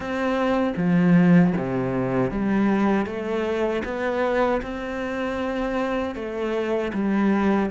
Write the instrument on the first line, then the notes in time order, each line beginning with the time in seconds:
cello
0.00 C4
0.77 F3
1.57 C3
2.30 G3
3.06 A3
3.84 B3
4.62 C4
6.15 A3
6.93 G3